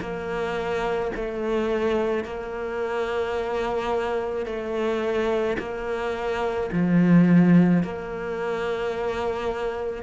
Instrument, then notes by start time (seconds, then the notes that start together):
cello
0.00 A#3
1.15 A3
2.24 A#3
4.45 A3
5.58 A#3
6.72 F3
7.82 A#3